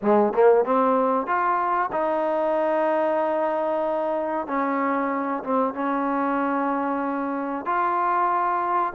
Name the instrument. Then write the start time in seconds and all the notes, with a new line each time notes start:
trombone
0.02 G#3
0.33 A#3
0.64 C4
1.26 F4
1.92 D#4
4.47 C#4
5.43 C4
5.74 C#4
7.65 F4